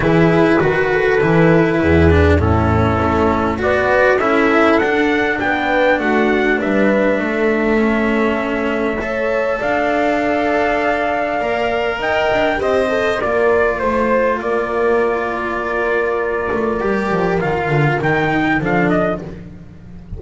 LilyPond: <<
  \new Staff \with { instrumentName = "trumpet" } { \time 4/4 \tempo 4 = 100 b'1 | a'2 d''4 e''4 | fis''4 g''4 fis''4 e''4~ | e''1 |
f''1 | g''4 dis''4 d''4 c''4 | d''1~ | d''4 f''4 g''4 f''8 dis''8 | }
  \new Staff \with { instrumentName = "horn" } { \time 4/4 gis'4 fis'8 a'4. gis'4 | e'2 b'4 a'4~ | a'4 b'4 fis'4 b'4 | a'2. cis''4 |
d''1 | dis''4 g'8 a'8 ais'4 c''4 | ais'1~ | ais'2. a'4 | }
  \new Staff \with { instrumentName = "cello" } { \time 4/4 e'4 fis'4 e'4. d'8 | cis'2 fis'4 e'4 | d'1~ | d'4 cis'2 a'4~ |
a'2. ais'4~ | ais'4 c''4 f'2~ | f'1 | g'4 f'4 dis'4 d'4 | }
  \new Staff \with { instrumentName = "double bass" } { \time 4/4 e4 dis4 e4 e,4 | a,4 a4 b4 cis'4 | d'4 b4 a4 g4 | a1 |
d'2. ais4 | dis'8 d'8 c'4 ais4 a4 | ais2.~ ais8 a8 | g8 f8 dis8 d8 dis4 f4 | }
>>